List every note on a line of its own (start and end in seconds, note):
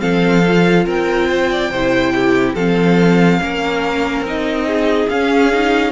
0.00 0.87 F3
0.00 0.42 C4
0.00 0.86 A4
0.00 0.86 F5
0.46 1.72 F4
0.86 1.71 C4
0.86 1.28 A#4
0.86 2.56 G5
1.29 1.51 C5
1.51 1.71 D5
1.71 2.55 C3
1.71 2.57 E4
1.71 2.13 C5
2.15 2.55 G4
2.55 3.40 F3
2.55 3.41 C4
2.55 3.39 A4
2.55 4.25 F5
3.41 4.21 A#3
3.41 4.25 C#4
3.41 4.67 A#4
4.21 5.06 C4
4.21 5.10 D#4
4.28 5.10 D#5
4.67 5.92 G#4
5.10 5.92 C#4
5.10 5.52 C#4
5.10 5.92 F5
5.52 5.92 D#4